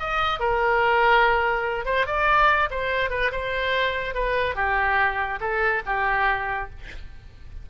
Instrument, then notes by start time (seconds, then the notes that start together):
oboe
0.00 D#5
0.40 A#4
1.86 C5
2.07 D5
2.71 C5
3.10 B4
3.32 C5
4.14 B4
4.56 G4
5.40 A4
5.86 G4